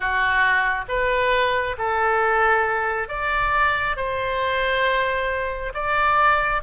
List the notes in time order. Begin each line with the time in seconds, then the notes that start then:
0.00 F#4
0.88 B4
1.77 A4
3.08 D5
3.96 C5
5.74 D5